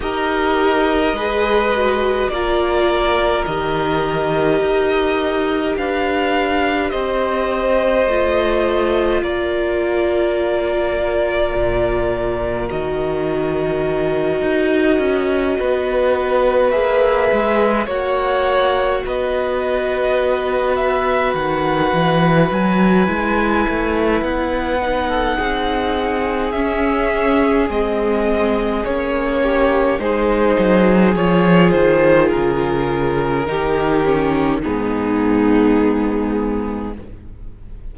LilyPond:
<<
  \new Staff \with { instrumentName = "violin" } { \time 4/4 \tempo 4 = 52 dis''2 d''4 dis''4~ | dis''4 f''4 dis''2 | d''2. dis''4~ | dis''2~ dis''8 e''4 fis''8~ |
fis''8 dis''4. e''8 fis''4 gis''8~ | gis''4 fis''2 e''4 | dis''4 cis''4 c''4 cis''8 c''8 | ais'2 gis'2 | }
  \new Staff \with { instrumentName = "violin" } { \time 4/4 ais'4 b'4 ais'2~ | ais'4 b'4 c''2 | ais'1~ | ais'4. b'2 cis''8~ |
cis''8 b'2.~ b'8~ | b'4.~ b'16 a'16 gis'2~ | gis'4. g'8 gis'2~ | gis'4 g'4 dis'2 | }
  \new Staff \with { instrumentName = "viola" } { \time 4/4 g'4 gis'8 fis'8 f'4 g'4~ | g'2. f'4~ | f'2. fis'4~ | fis'2~ fis'8 gis'4 fis'8~ |
fis'1 | e'4. dis'4. cis'4 | c'4 cis'4 dis'4 f'4~ | f'4 dis'8 cis'8 b2 | }
  \new Staff \with { instrumentName = "cello" } { \time 4/4 dis'4 gis4 ais4 dis4 | dis'4 d'4 c'4 a4 | ais2 ais,4 dis4~ | dis8 dis'8 cis'8 b4 ais8 gis8 ais8~ |
ais8 b2 dis8 e8 fis8 | gis8 a8 b4 c'4 cis'4 | gis4 ais4 gis8 fis8 f8 dis8 | cis4 dis4 gis,2 | }
>>